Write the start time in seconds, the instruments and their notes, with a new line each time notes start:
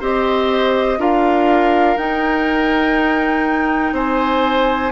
0.00 bassoon C4, clarinet G4, oboe C5, flute D#5
0.98 bassoon D4, clarinet F4, oboe A#4, flute F5
1.97 bassoon D#4, clarinet D#4, flute G5
3.92 bassoon C4, oboe C5, flute G#5